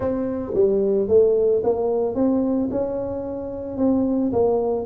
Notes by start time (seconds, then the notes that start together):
0.00 C4
0.54 G3
1.08 A3
1.63 A#3
2.14 C4
2.70 C#4
3.77 C4
4.32 A#3